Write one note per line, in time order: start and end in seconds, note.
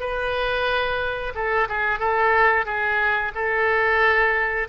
0.00 1.33 B4
1.35 1.68 A4
1.69 1.99 G#4
1.99 2.65 A4
2.65 3.32 G#4
3.35 4.68 A4